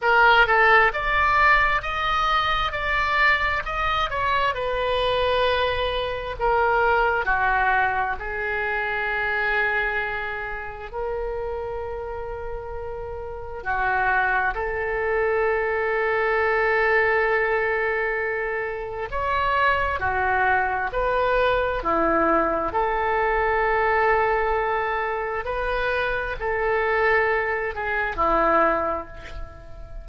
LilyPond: \new Staff \with { instrumentName = "oboe" } { \time 4/4 \tempo 4 = 66 ais'8 a'8 d''4 dis''4 d''4 | dis''8 cis''8 b'2 ais'4 | fis'4 gis'2. | ais'2. fis'4 |
a'1~ | a'4 cis''4 fis'4 b'4 | e'4 a'2. | b'4 a'4. gis'8 e'4 | }